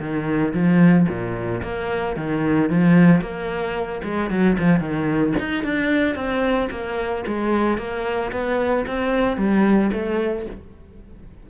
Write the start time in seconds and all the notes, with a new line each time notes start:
0.00 D#3
0.54 F3
1.09 A#2
1.63 A#3
2.16 D#3
2.70 F3
3.21 A#3
4.04 G#3
4.30 F#3
4.59 F3
4.80 D#3
5.40 D#4
5.64 D4
6.16 C4
6.71 A#3
7.27 G#3
7.78 A#3
8.32 B3
8.87 C4
9.37 G3
9.93 A3